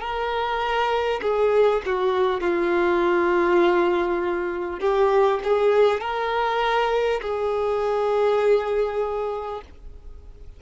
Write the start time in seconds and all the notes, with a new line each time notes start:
0.00 A#4
1.21 G#4
1.85 F#4
2.41 F4
4.79 G4
5.43 G#4
6.00 A#4
7.21 G#4